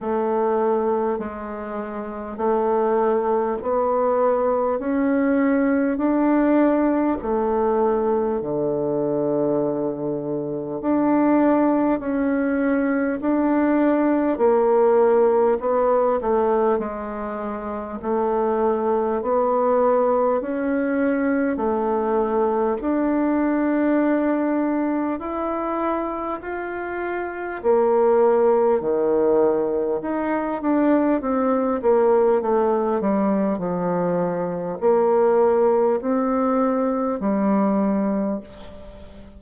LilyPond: \new Staff \with { instrumentName = "bassoon" } { \time 4/4 \tempo 4 = 50 a4 gis4 a4 b4 | cis'4 d'4 a4 d4~ | d4 d'4 cis'4 d'4 | ais4 b8 a8 gis4 a4 |
b4 cis'4 a4 d'4~ | d'4 e'4 f'4 ais4 | dis4 dis'8 d'8 c'8 ais8 a8 g8 | f4 ais4 c'4 g4 | }